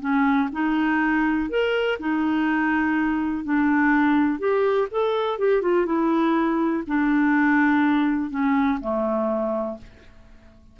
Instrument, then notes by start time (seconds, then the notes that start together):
clarinet
0.00 C#4
0.52 D#4
1.49 A#4
1.99 D#4
3.44 D4
4.39 G4
4.91 A4
5.39 G4
5.61 F4
5.86 E4
6.87 D4
8.30 C#4
8.80 A3